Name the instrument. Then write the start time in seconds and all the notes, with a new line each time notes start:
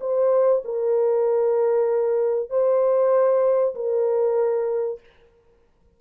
horn
0.00 C5
0.65 A#4
2.50 C5
3.75 A#4